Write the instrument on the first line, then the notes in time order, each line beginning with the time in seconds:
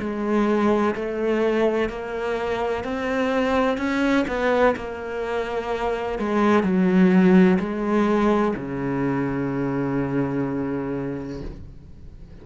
cello
0.00 G#3
0.96 A3
1.90 A#3
2.84 C4
3.78 C#4
4.28 B3
4.77 A#3
6.19 G#3
6.64 F#3
7.59 G#3
8.56 C#3